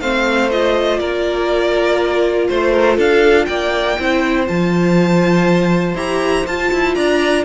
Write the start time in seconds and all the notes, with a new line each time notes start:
0.00 A3 C4 C5 F5
0.51 F4 D#5
0.98 A#3 A#4 D5
2.48 A3 C5
2.71 A#4
2.96 D4 A4 F5
3.45 A#3 D5 G5
3.98 C4 E4 C5
4.46 F3 F4 A5
5.94 E4 G4 A#5
6.46 F4 A5
6.72 E4
6.94 D4 D5 A#5